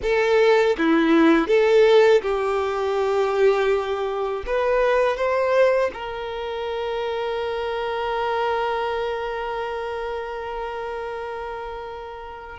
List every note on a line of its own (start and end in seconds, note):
0.02 0.76 A4
0.77 1.47 E4
1.47 2.21 A4
2.22 4.44 G4
4.46 5.16 B4
5.16 5.90 C5
5.93 12.59 A#4